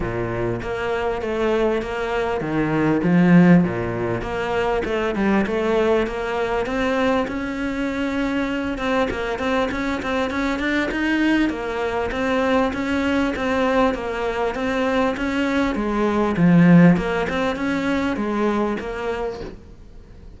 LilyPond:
\new Staff \with { instrumentName = "cello" } { \time 4/4 \tempo 4 = 99 ais,4 ais4 a4 ais4 | dis4 f4 ais,4 ais4 | a8 g8 a4 ais4 c'4 | cis'2~ cis'8 c'8 ais8 c'8 |
cis'8 c'8 cis'8 d'8 dis'4 ais4 | c'4 cis'4 c'4 ais4 | c'4 cis'4 gis4 f4 | ais8 c'8 cis'4 gis4 ais4 | }